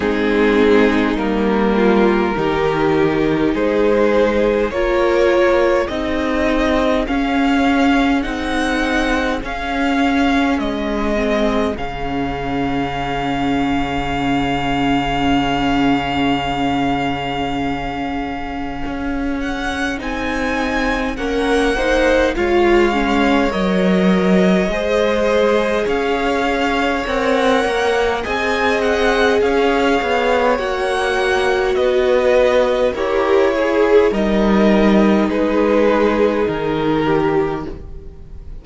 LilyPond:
<<
  \new Staff \with { instrumentName = "violin" } { \time 4/4 \tempo 4 = 51 gis'4 ais'2 c''4 | cis''4 dis''4 f''4 fis''4 | f''4 dis''4 f''2~ | f''1~ |
f''8 fis''8 gis''4 fis''4 f''4 | dis''2 f''4 fis''4 | gis''8 fis''8 f''4 fis''4 dis''4 | cis''4 dis''4 b'4 ais'4 | }
  \new Staff \with { instrumentName = "violin" } { \time 4/4 dis'4. f'8 g'4 gis'4 | ais'4 gis'2.~ | gis'1~ | gis'1~ |
gis'2 ais'8 c''8 cis''4~ | cis''4 c''4 cis''2 | dis''4 cis''2 b'4 | ais'8 gis'8 ais'4 gis'4. g'8 | }
  \new Staff \with { instrumentName = "viola" } { \time 4/4 c'4 ais4 dis'2 | f'4 dis'4 cis'4 dis'4 | cis'4. c'8 cis'2~ | cis'1~ |
cis'4 dis'4 cis'8 dis'8 f'8 cis'8 | ais'4 gis'2 ais'4 | gis'2 fis'2 | g'8 gis'8 dis'2. | }
  \new Staff \with { instrumentName = "cello" } { \time 4/4 gis4 g4 dis4 gis4 | ais4 c'4 cis'4 c'4 | cis'4 gis4 cis2~ | cis1 |
cis'4 c'4 ais4 gis4 | fis4 gis4 cis'4 c'8 ais8 | c'4 cis'8 b8 ais4 b4 | e'4 g4 gis4 dis4 | }
>>